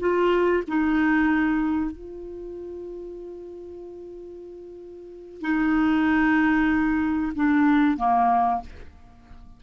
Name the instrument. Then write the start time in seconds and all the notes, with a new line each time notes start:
clarinet
0.00 F4
0.68 D#4
1.92 F4
5.41 D#4
7.35 D4
7.98 A#3